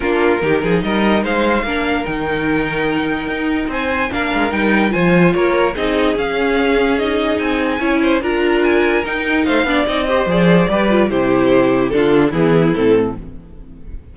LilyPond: <<
  \new Staff \with { instrumentName = "violin" } { \time 4/4 \tempo 4 = 146 ais'2 dis''4 f''4~ | f''4 g''2.~ | g''4 gis''4 f''4 g''4 | gis''4 cis''4 dis''4 f''4~ |
f''4 dis''4 gis''2 | ais''4 gis''4 g''4 f''4 | dis''4 d''2 c''4~ | c''4 a'4 gis'4 a'4 | }
  \new Staff \with { instrumentName = "violin" } { \time 4/4 f'4 g'8 gis'8 ais'4 c''4 | ais'1~ | ais'4 c''4 ais'2 | c''4 ais'4 gis'2~ |
gis'2. cis''8 c''8 | ais'2. c''8 d''8~ | d''8 c''4. b'4 g'4~ | g'4 f'4 e'2 | }
  \new Staff \with { instrumentName = "viola" } { \time 4/4 d'4 dis'2. | d'4 dis'2.~ | dis'2 d'4 dis'4 | f'2 dis'4 cis'4~ |
cis'4 dis'2 e'4 | f'2 dis'4. d'8 | dis'8 g'8 gis'4 g'8 f'8 e'4~ | e'4 d'4 b4 c'4 | }
  \new Staff \with { instrumentName = "cello" } { \time 4/4 ais4 dis8 f8 g4 gis4 | ais4 dis2. | dis'4 c'4 ais8 gis8 g4 | f4 ais4 c'4 cis'4~ |
cis'2 c'4 cis'4 | d'2 dis'4 a8 b8 | c'4 f4 g4 c4~ | c4 d4 e4 a,4 | }
>>